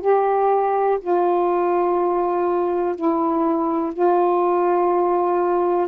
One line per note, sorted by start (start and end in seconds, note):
0.00 0.98 G4
1.01 2.95 F4
2.95 3.93 E4
3.93 5.87 F4